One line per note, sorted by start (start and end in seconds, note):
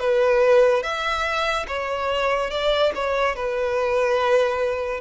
0.00 0.83 B4
0.83 1.67 E5
1.68 2.51 C#5
2.51 2.93 D5
2.95 3.36 C#5
3.36 5.01 B4